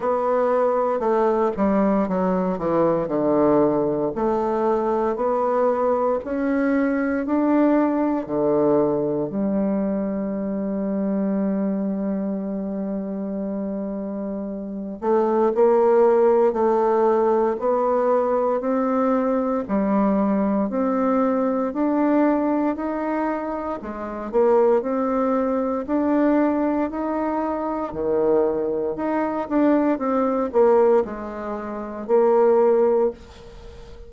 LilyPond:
\new Staff \with { instrumentName = "bassoon" } { \time 4/4 \tempo 4 = 58 b4 a8 g8 fis8 e8 d4 | a4 b4 cis'4 d'4 | d4 g2.~ | g2~ g8 a8 ais4 |
a4 b4 c'4 g4 | c'4 d'4 dis'4 gis8 ais8 | c'4 d'4 dis'4 dis4 | dis'8 d'8 c'8 ais8 gis4 ais4 | }